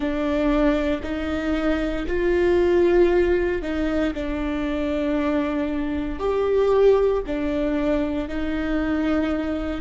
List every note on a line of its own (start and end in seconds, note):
0.00 1.01 D4
1.03 2.06 D#4
2.07 3.62 F4
3.62 4.13 D#4
4.14 6.19 D4
6.19 7.22 G4
7.26 8.28 D4
8.28 9.81 D#4